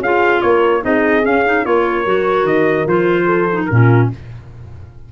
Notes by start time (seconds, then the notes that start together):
0.00 C#4 F4 G#4 F5
0.42 A#3 A#4 C#5
0.82 C4 D#4 G#4 D#5
1.23 C#4 F5
1.46 D#4
1.65 A#3 F4 A#4 C#5
2.06 F#3 F#4
2.44 D#3 D#5
2.87 F3 F4 C5
3.26 A4
3.53 D#4
3.66 A#2 C#4 F4 A#4